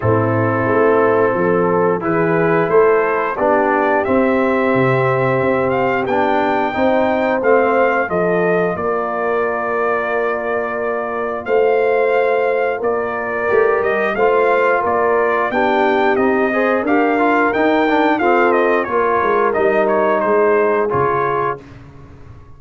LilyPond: <<
  \new Staff \with { instrumentName = "trumpet" } { \time 4/4 \tempo 4 = 89 a'2. b'4 | c''4 d''4 e''2~ | e''8 f''8 g''2 f''4 | dis''4 d''2.~ |
d''4 f''2 d''4~ | d''8 dis''8 f''4 d''4 g''4 | dis''4 f''4 g''4 f''8 dis''8 | cis''4 dis''8 cis''8 c''4 cis''4 | }
  \new Staff \with { instrumentName = "horn" } { \time 4/4 e'2 a'4 gis'4 | a'4 g'2.~ | g'2 c''2 | a'4 ais'2.~ |
ais'4 c''2 ais'4~ | ais'4 c''4 ais'4 g'4~ | g'8 c''8 ais'2 a'4 | ais'2 gis'2 | }
  \new Staff \with { instrumentName = "trombone" } { \time 4/4 c'2. e'4~ | e'4 d'4 c'2~ | c'4 d'4 dis'4 c'4 | f'1~ |
f'1 | g'4 f'2 d'4 | dis'8 gis'8 g'8 f'8 dis'8 d'8 c'4 | f'4 dis'2 f'4 | }
  \new Staff \with { instrumentName = "tuba" } { \time 4/4 a,4 a4 f4 e4 | a4 b4 c'4 c4 | c'4 b4 c'4 a4 | f4 ais2.~ |
ais4 a2 ais4 | a8 g8 a4 ais4 b4 | c'4 d'4 dis'4 f'4 | ais8 gis8 g4 gis4 cis4 | }
>>